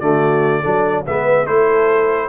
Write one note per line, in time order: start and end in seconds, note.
0.00 0.63 D3
0.00 0.64 A3
0.00 0.61 F#4
0.00 1.04 D5
0.61 1.08 F#3
0.61 1.05 D4
0.61 1.03 A4
1.06 1.48 G#3
1.06 1.47 B3
1.06 1.47 B4
1.06 1.47 E5
1.47 2.29 A3
1.47 2.29 E4
1.47 2.29 A4
1.47 2.29 C5